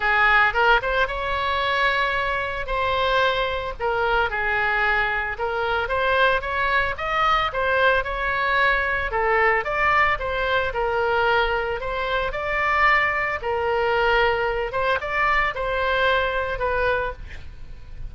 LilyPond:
\new Staff \with { instrumentName = "oboe" } { \time 4/4 \tempo 4 = 112 gis'4 ais'8 c''8 cis''2~ | cis''4 c''2 ais'4 | gis'2 ais'4 c''4 | cis''4 dis''4 c''4 cis''4~ |
cis''4 a'4 d''4 c''4 | ais'2 c''4 d''4~ | d''4 ais'2~ ais'8 c''8 | d''4 c''2 b'4 | }